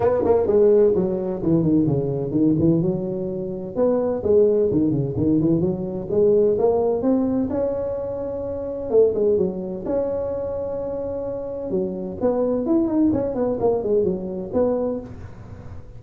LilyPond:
\new Staff \with { instrumentName = "tuba" } { \time 4/4 \tempo 4 = 128 b8 ais8 gis4 fis4 e8 dis8 | cis4 dis8 e8 fis2 | b4 gis4 dis8 cis8 dis8 e8 | fis4 gis4 ais4 c'4 |
cis'2. a8 gis8 | fis4 cis'2.~ | cis'4 fis4 b4 e'8 dis'8 | cis'8 b8 ais8 gis8 fis4 b4 | }